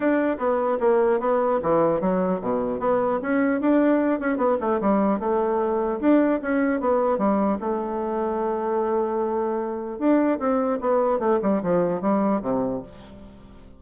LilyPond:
\new Staff \with { instrumentName = "bassoon" } { \time 4/4 \tempo 4 = 150 d'4 b4 ais4 b4 | e4 fis4 b,4 b4 | cis'4 d'4. cis'8 b8 a8 | g4 a2 d'4 |
cis'4 b4 g4 a4~ | a1~ | a4 d'4 c'4 b4 | a8 g8 f4 g4 c4 | }